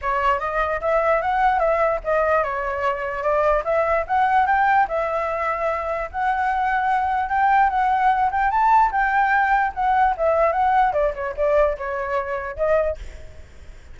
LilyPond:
\new Staff \with { instrumentName = "flute" } { \time 4/4 \tempo 4 = 148 cis''4 dis''4 e''4 fis''4 | e''4 dis''4 cis''2 | d''4 e''4 fis''4 g''4 | e''2. fis''4~ |
fis''2 g''4 fis''4~ | fis''8 g''8 a''4 g''2 | fis''4 e''4 fis''4 d''8 cis''8 | d''4 cis''2 dis''4 | }